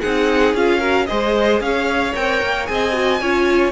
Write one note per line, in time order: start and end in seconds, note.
0.00 0.54 C4
0.00 0.56 D#4
0.00 0.79 G#4
0.00 0.54 F#5
0.54 1.07 C#4
0.54 0.81 F4
0.54 1.06 F5
0.79 1.07 F#4
0.79 1.05 A#4
1.06 1.60 G#3
1.06 2.14 G#4
1.06 1.62 C5
1.06 1.59 D#5
1.60 2.13 C#4
1.60 2.70 C#5
1.60 2.14 F5
2.14 2.42 C4
2.14 2.66 A#4
2.14 2.66 G5
2.42 2.68 A#3
2.66 3.21 C4
2.66 2.92 G#4
2.66 3.20 D#5
2.66 3.71 G#5
2.92 3.18 F#4
3.20 3.71 C#4
3.20 3.71 F4
3.20 3.71 C#5